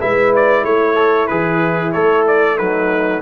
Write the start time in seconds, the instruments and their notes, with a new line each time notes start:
0.00 tuba G#3, trombone E4, horn B4, trumpet E5
0.36 trumpet D5
0.64 tuba A3, horn E4, trumpet C#5
0.95 trombone A4
1.27 tuba E3, trombone G#4, trumpet B4
1.92 tuba A3, trombone A4, trumpet C#5
2.27 trumpet D5
2.57 trombone F#3, horn D#4, trumpet B4